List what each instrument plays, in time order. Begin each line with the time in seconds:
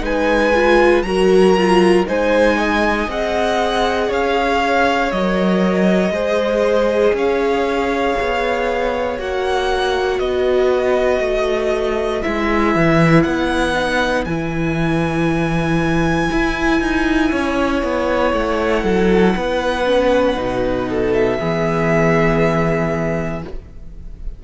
0.00 cello G#3, viola D#4, violin B4 G#5
0.54 viola F4
1.02 cello F#3, viola F#4, violin A#4 A#5
1.57 viola F4
2.06 cello G#3, viola D#4, violin C5 G#5
2.56 violin D#5
3.08 cello C4, viola G#4, violin F#5
4.09 cello C#4, violin C#5 F5
5.11 cello F#3, viola A#4, violin D#5
6.10 cello G#3, viola G#4, violin C5
7.12 cello C#4, violin C#5 F5
8.20 cello B3
9.18 cello A#3, viola F#4, violin F#5
10.19 cello B3, violin B4 D#5
11.19 cello A3
12.22 cello G#3, viola E4, violin E5
12.75 cello E3
13.22 cello B3, violin F#5
13.74 viola D#4
14.25 cello E3, viola E4, violin G#5
16.31 cello E4
16.80 cello D#4
17.31 cello C#4, violin C#5
17.83 cello B3
18.33 cello A3, violin F#5
18.83 cello F#3, violin A4
19.36 cello B3, violin B4
19.85 viola C#4
20.36 cello B2, viola D#4
20.88 violin A4
21.13 violin E5
21.39 cello E3, viola B3, violin G#4